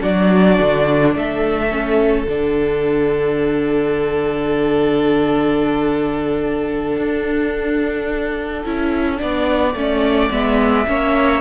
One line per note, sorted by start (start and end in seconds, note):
0.00 0.58 F#3
0.00 1.69 D4
0.00 1.11 F#4
0.00 1.13 D5
0.60 1.15 D3
1.15 2.26 A3
1.15 9.21 A4
1.15 2.27 E5
1.71 2.26 C#4
2.26 6.97 D3
2.26 8.65 D4
2.26 10.31 F#5
6.97 8.63 D4
8.65 9.21 C#4
8.65 9.16 E4
9.16 9.74 B3
9.16 9.72 D4
9.16 10.88 D5
9.74 10.29 A3
9.74 10.31 C#4
10.31 10.87 G#3
10.31 10.86 B3
10.31 11.41 E5
10.87 11.41 A#3
10.87 11.41 C#4
10.87 11.41 C#5